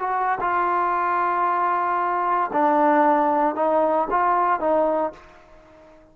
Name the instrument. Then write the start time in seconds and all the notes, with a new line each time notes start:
trombone
0.00 F#4
0.41 F4
2.53 D4
3.56 D#4
4.11 F4
4.60 D#4